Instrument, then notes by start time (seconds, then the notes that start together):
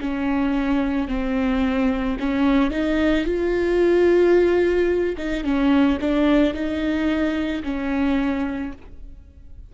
viola
0.00 C#4
1.08 C4
2.20 C#4
2.71 D#4
3.25 F4
5.17 D#4
5.43 C#4
6.00 D4
6.54 D#4
7.63 C#4